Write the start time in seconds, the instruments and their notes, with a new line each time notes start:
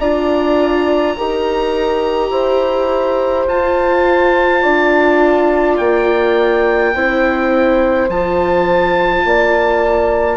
0.00 bassoon D4, viola F4, horn D5, oboe A#5
1.17 bassoon D#4, viola G4, horn A#4
2.30 bassoon E4, horn C5
3.46 bassoon F4, viola F4, oboe A5
4.62 bassoon D4, horn D5
5.78 bassoon A#3, oboe G5
6.94 bassoon C4, viola E4, horn C5
8.09 bassoon F3, viola F4, oboe A5
9.24 bassoon A#3, horn D5